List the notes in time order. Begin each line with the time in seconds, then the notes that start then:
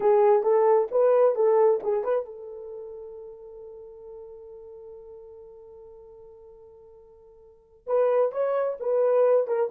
0.00 G#4
0.42 A4
0.91 B4
1.35 A4
1.83 G#4
2.04 B4
2.25 A4
7.86 B4
8.32 C#5
8.80 B4
9.47 A#4